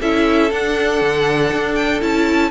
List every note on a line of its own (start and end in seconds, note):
0.00 0.51 C#4
0.00 0.50 E4
0.00 2.51 A4
0.00 0.52 E5
0.50 2.00 D4
0.50 1.01 D4
0.50 1.75 F#5
1.01 1.52 D3
1.53 2.02 D4
1.75 2.00 G5
2.00 2.51 C#4
2.00 2.50 E4
2.00 2.51 A5